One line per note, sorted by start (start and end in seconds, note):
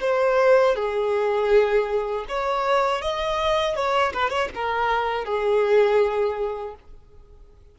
0.00 0.75 C5
0.75 2.25 G#4
2.28 3.01 C#5
3.01 3.75 D#5
3.75 4.12 C#5
4.13 4.29 B4
4.29 4.48 C#5
4.54 5.25 A#4
5.25 6.75 G#4